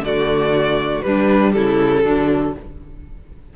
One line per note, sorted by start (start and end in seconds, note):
0.00 1.01 D3
0.00 1.03 A3
0.00 1.05 F#4
0.00 1.02 D5
1.02 2.03 G3
1.02 1.55 G3
1.02 1.56 D4
1.02 1.52 B4
1.53 2.05 C#3
1.53 2.03 E4
1.53 2.53 A4
2.03 2.55 D3
2.03 2.54 F#3
2.03 2.54 D4